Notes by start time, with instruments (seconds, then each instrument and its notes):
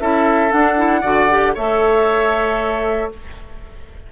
0.00 bassoon C#4, clarinet E4, oboe A4, flute E5
0.51 clarinet D4, bassoon D4, flute F#5
0.77 clarinet E4
1.01 bassoon D3, clarinet F#4, oboe D5
1.30 clarinet G4
1.55 bassoon A3, clarinet A4, oboe C#5, flute E5